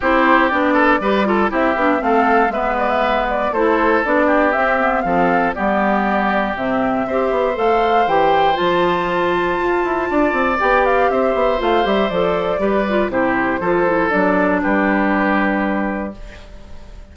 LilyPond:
<<
  \new Staff \with { instrumentName = "flute" } { \time 4/4 \tempo 4 = 119 c''4 d''2 e''4 | f''4 e''8 d''16 e''8. d''8 c''4 | d''4 e''4 f''4 d''4~ | d''4 e''2 f''4 |
g''4 a''2.~ | a''4 g''8 f''8 e''4 f''8 e''8 | d''2 c''2 | d''4 b'2. | }
  \new Staff \with { instrumentName = "oboe" } { \time 4/4 g'4. a'8 b'8 a'8 g'4 | a'4 b'2 a'4~ | a'8 g'4. a'4 g'4~ | g'2 c''2~ |
c''1 | d''2 c''2~ | c''4 b'4 g'4 a'4~ | a'4 g'2. | }
  \new Staff \with { instrumentName = "clarinet" } { \time 4/4 e'4 d'4 g'8 f'8 e'8 d'8 | c'4 b2 e'4 | d'4 c'8 b8 c'4 b4~ | b4 c'4 g'4 a'4 |
g'4 f'2.~ | f'4 g'2 f'8 g'8 | a'4 g'8 f'8 e'4 f'8 e'8 | d'1 | }
  \new Staff \with { instrumentName = "bassoon" } { \time 4/4 c'4 b4 g4 c'8 b8 | a4 gis2 a4 | b4 c'4 f4 g4~ | g4 c4 c'8 b8 a4 |
e4 f2 f'8 e'8 | d'8 c'8 b4 c'8 b8 a8 g8 | f4 g4 c4 f4 | fis4 g2. | }
>>